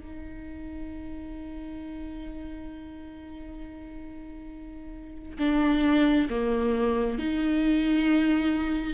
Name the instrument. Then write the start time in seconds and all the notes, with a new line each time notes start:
viola
0.00 D#4
5.39 D4
6.30 A#3
7.18 D#4